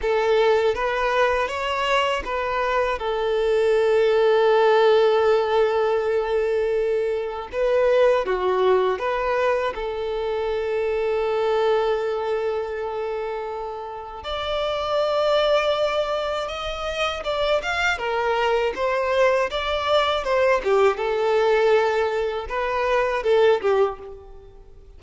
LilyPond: \new Staff \with { instrumentName = "violin" } { \time 4/4 \tempo 4 = 80 a'4 b'4 cis''4 b'4 | a'1~ | a'2 b'4 fis'4 | b'4 a'2.~ |
a'2. d''4~ | d''2 dis''4 d''8 f''8 | ais'4 c''4 d''4 c''8 g'8 | a'2 b'4 a'8 g'8 | }